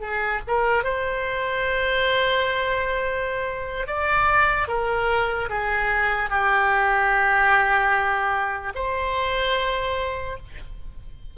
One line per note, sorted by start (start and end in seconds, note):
0.00 0.41 G#4
0.47 0.84 A#4
0.84 3.87 C5
3.87 4.68 D5
4.68 5.49 A#4
5.49 6.29 G#4
6.29 8.73 G4
8.75 10.37 C5